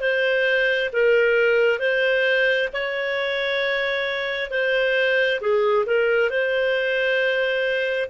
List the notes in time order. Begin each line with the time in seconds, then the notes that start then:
0.00 C5
0.92 A#4
1.79 C5
2.72 C#5
4.50 C5
5.40 G#4
5.85 A#4
6.30 C5